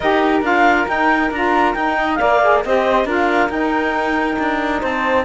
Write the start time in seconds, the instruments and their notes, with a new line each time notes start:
0.00 cello D#4, saxophone G4, flute A#4, clarinet D#5
0.42 cello D4, saxophone F4, clarinet F5
0.87 saxophone D#4, cello D#4, clarinet G5
1.31 cello D4, saxophone F4, clarinet A#5
1.74 saxophone D#4, cello D#4, clarinet G5
1.97 flute D#5
2.14 saxophone A#4, flute D5, clarinet F5
2.21 cello A#3
2.42 saxophone G#4
2.64 cello C4, saxophone G4, flute C5, clarinet D#5
3.05 cello D4, saxophone F4, flute A#4, clarinet F5
3.49 cello D#4, saxophone D#4, clarinet G5
4.38 cello D4
4.80 cello C4, flute C5, clarinet A5